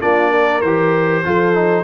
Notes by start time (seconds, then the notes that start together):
0.00 A#3 D4 F4 D5
0.30 A#4
0.61 E3 G4 C5
1.24 F3 F4 A4
1.54 D#4